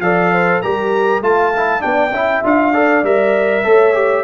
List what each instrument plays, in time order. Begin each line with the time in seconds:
0.00 tuba F3, trombone A4, horn D5, trumpet F5
0.32 horn C5
0.61 tuba G3, trombone G4, horn A#4, trumpet A#5
1.21 tuba A3, trombone F4, horn F5, trumpet A5
1.56 trombone E4
1.79 tuba B3, trombone D4, horn D5, trumpet G5
2.11 tuba C#4, trombone E4, horn E5
2.43 tuba D4, trombone F4, trumpet F5
2.73 trombone A4, horn D5
3.03 tuba G3, trombone A#4, trumpet E5
3.64 tuba A3, trombone A4, horn C#5
3.94 trombone G4